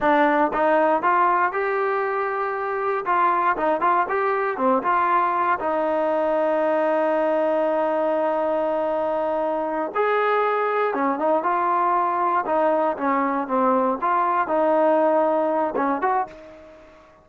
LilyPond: \new Staff \with { instrumentName = "trombone" } { \time 4/4 \tempo 4 = 118 d'4 dis'4 f'4 g'4~ | g'2 f'4 dis'8 f'8 | g'4 c'8 f'4. dis'4~ | dis'1~ |
dis'2.~ dis'8 gis'8~ | gis'4. cis'8 dis'8 f'4.~ | f'8 dis'4 cis'4 c'4 f'8~ | f'8 dis'2~ dis'8 cis'8 fis'8 | }